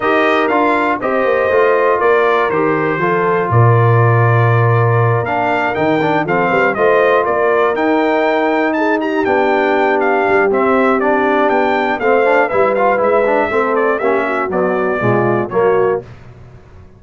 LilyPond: <<
  \new Staff \with { instrumentName = "trumpet" } { \time 4/4 \tempo 4 = 120 dis''4 f''4 dis''2 | d''4 c''2 d''4~ | d''2~ d''8 f''4 g''8~ | g''8 f''4 dis''4 d''4 g''8~ |
g''4. a''8 ais''8 g''4. | f''4 e''4 d''4 g''4 | f''4 e''8 f''8 e''4. d''8 | e''4 d''2 cis''4 | }
  \new Staff \with { instrumentName = "horn" } { \time 4/4 ais'2 c''2 | ais'2 a'4 ais'4~ | ais'1~ | ais'8 a'8 b'8 c''4 ais'4.~ |
ais'4. gis'8 g'2~ | g'1 | c''4 b'2 a'4 | g'8 fis'4. f'4 fis'4 | }
  \new Staff \with { instrumentName = "trombone" } { \time 4/4 g'4 f'4 g'4 f'4~ | f'4 g'4 f'2~ | f'2~ f'8 d'4 dis'8 | d'8 c'4 f'2 dis'8~ |
dis'2~ dis'8 d'4.~ | d'4 c'4 d'2 | c'8 d'8 e'8 f'8 e'8 d'8 c'4 | cis'4 fis4 gis4 ais4 | }
  \new Staff \with { instrumentName = "tuba" } { \time 4/4 dis'4 d'4 c'8 ais8 a4 | ais4 dis4 f4 ais,4~ | ais,2~ ais,8 ais4 dis8~ | dis8 f8 g8 a4 ais4 dis'8~ |
dis'2~ dis'8 b4.~ | b8 g8 c'2 b4 | a4 g4 gis4 a4 | ais4 b4 b,4 fis4 | }
>>